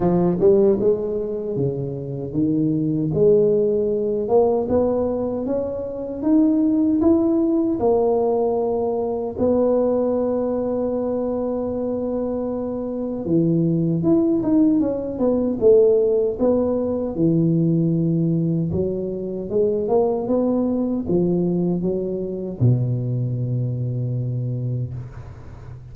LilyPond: \new Staff \with { instrumentName = "tuba" } { \time 4/4 \tempo 4 = 77 f8 g8 gis4 cis4 dis4 | gis4. ais8 b4 cis'4 | dis'4 e'4 ais2 | b1~ |
b4 e4 e'8 dis'8 cis'8 b8 | a4 b4 e2 | fis4 gis8 ais8 b4 f4 | fis4 b,2. | }